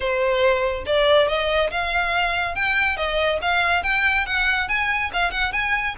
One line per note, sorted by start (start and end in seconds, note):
0.00 0.84 C5
0.86 1.27 D5
1.27 1.70 D#5
1.70 2.55 F5
2.55 2.96 G5
2.96 3.39 D#5
3.41 3.83 F5
3.83 4.26 G5
4.26 4.68 F#5
4.68 5.10 G#5
5.13 5.31 F5
5.31 5.52 F#5
5.52 5.95 G#5